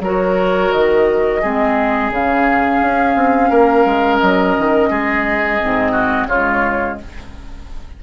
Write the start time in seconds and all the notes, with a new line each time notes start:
0.00 F#3 F#4 A#4 C#5
0.72 D#3 D#5
1.41 G#3 C4 G#4
2.10 C#3 C#4 F5
2.82 C#4
3.16 C4
3.50 A#3 A#4
3.85 G#3
4.18 F#3 D#5
4.58 D#3
4.90 G#3 G#4
5.60 G#2 C4
5.92 F#4
6.27 C#3 F4 C#5
6.33 G#3